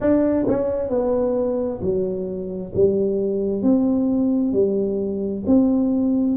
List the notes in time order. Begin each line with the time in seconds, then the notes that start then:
0.00 D4
0.48 C#4
0.88 B3
1.81 F#3
2.74 G3
3.62 C4
4.52 G3
5.46 C4